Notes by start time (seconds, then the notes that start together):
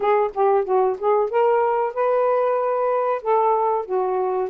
0.00 G#4
0.34 G4
0.64 F#4
0.99 G#4
1.29 A#4
1.94 B4
3.21 A4
3.85 F#4